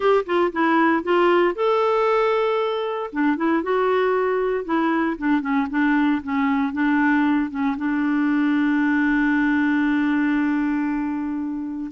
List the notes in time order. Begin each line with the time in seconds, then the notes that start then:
0.00 G4
0.26 F4
0.52 E4
1.03 F4
1.55 A4
3.12 D4
3.36 E4
3.62 F#4
4.65 E4
5.18 D4
5.41 C#4
5.70 D4
6.23 C#4
6.72 D4
7.50 C#4
7.77 D4